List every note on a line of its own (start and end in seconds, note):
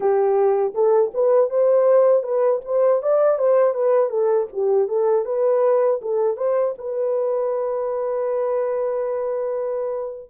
0.00 0.73 G4
0.74 1.11 A4
1.14 1.50 B4
1.50 2.23 C5
2.23 2.60 B4
2.65 3.02 C5
3.02 3.38 D5
3.38 3.74 C5
3.74 4.09 B4
4.09 4.47 A4
4.52 4.88 G4
4.88 5.25 A4
5.25 6.00 B4
6.01 6.36 A4
6.36 6.74 C5
6.77 10.30 B4